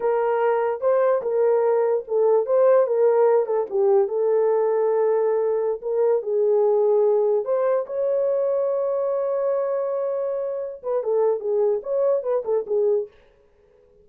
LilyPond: \new Staff \with { instrumentName = "horn" } { \time 4/4 \tempo 4 = 147 ais'2 c''4 ais'4~ | ais'4 a'4 c''4 ais'4~ | ais'8 a'8 g'4 a'2~ | a'2~ a'16 ais'4 gis'8.~ |
gis'2~ gis'16 c''4 cis''8.~ | cis''1~ | cis''2~ cis''8 b'8 a'4 | gis'4 cis''4 b'8 a'8 gis'4 | }